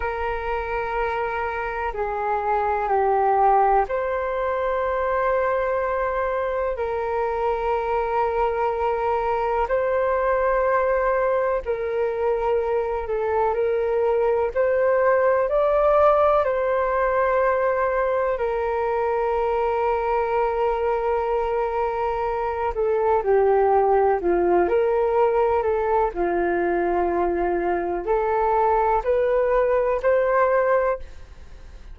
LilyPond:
\new Staff \with { instrumentName = "flute" } { \time 4/4 \tempo 4 = 62 ais'2 gis'4 g'4 | c''2. ais'4~ | ais'2 c''2 | ais'4. a'8 ais'4 c''4 |
d''4 c''2 ais'4~ | ais'2.~ ais'8 a'8 | g'4 f'8 ais'4 a'8 f'4~ | f'4 a'4 b'4 c''4 | }